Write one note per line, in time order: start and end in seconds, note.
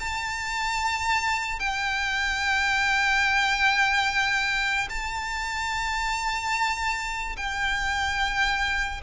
0.00 1.60 A5
1.60 4.89 G5
4.90 7.36 A5
7.37 9.01 G5